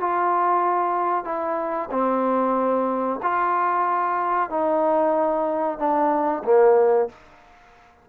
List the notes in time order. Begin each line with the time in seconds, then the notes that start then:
0.00 F4
1.25 E4
1.91 C4
3.23 F4
4.50 D#4
5.79 D4
6.44 A#3